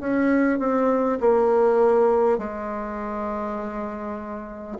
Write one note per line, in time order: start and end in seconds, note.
0.00 0.59 C#4
0.59 1.19 C4
1.20 2.38 A#3
2.38 4.78 G#3